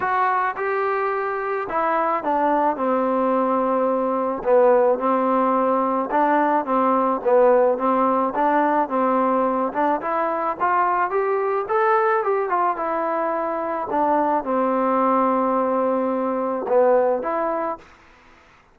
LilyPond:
\new Staff \with { instrumentName = "trombone" } { \time 4/4 \tempo 4 = 108 fis'4 g'2 e'4 | d'4 c'2. | b4 c'2 d'4 | c'4 b4 c'4 d'4 |
c'4. d'8 e'4 f'4 | g'4 a'4 g'8 f'8 e'4~ | e'4 d'4 c'2~ | c'2 b4 e'4 | }